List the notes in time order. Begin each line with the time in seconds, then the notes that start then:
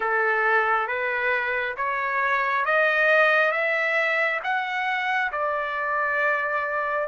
0.00 A4
0.87 B4
1.76 C#5
2.65 D#5
3.51 E5
4.43 F#5
5.32 D5